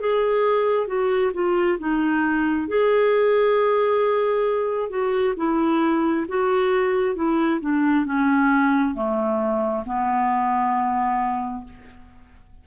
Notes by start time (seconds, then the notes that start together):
0.00 G#4
0.87 F#4
1.33 F4
1.79 D#4
2.68 G#4
4.89 F#4
5.36 E4
6.28 F#4
7.15 E4
7.60 D4
8.05 C#4
8.94 A3
9.85 B3